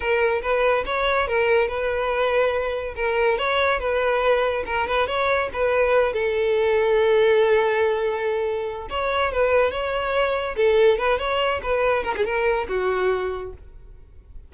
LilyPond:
\new Staff \with { instrumentName = "violin" } { \time 4/4 \tempo 4 = 142 ais'4 b'4 cis''4 ais'4 | b'2. ais'4 | cis''4 b'2 ais'8 b'8 | cis''4 b'4. a'4.~ |
a'1~ | a'4 cis''4 b'4 cis''4~ | cis''4 a'4 b'8 cis''4 b'8~ | b'8 ais'16 gis'16 ais'4 fis'2 | }